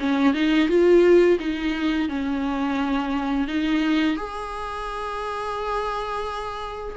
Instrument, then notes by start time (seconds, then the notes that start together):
viola
0.00 C#4
0.34 D#4
0.69 F4
1.40 D#4
2.09 C#4
3.48 D#4
4.17 G#4